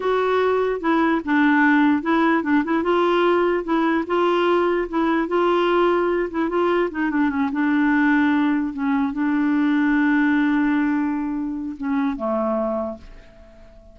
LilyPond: \new Staff \with { instrumentName = "clarinet" } { \time 4/4 \tempo 4 = 148 fis'2 e'4 d'4~ | d'4 e'4 d'8 e'8 f'4~ | f'4 e'4 f'2 | e'4 f'2~ f'8 e'8 |
f'4 dis'8 d'8 cis'8 d'4.~ | d'4. cis'4 d'4.~ | d'1~ | d'4 cis'4 a2 | }